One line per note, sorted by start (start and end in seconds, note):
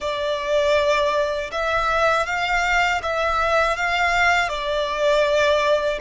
0.00 1.50 D5
1.51 2.26 E5
2.26 3.01 F5
3.02 3.76 E5
3.76 4.48 F5
4.48 5.98 D5